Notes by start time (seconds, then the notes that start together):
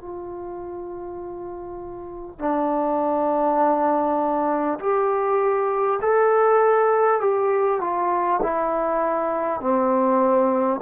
0.00 F4
2.38 D4
4.79 G4
6.01 A4
7.20 G4
7.80 F4
8.42 E4
9.60 C4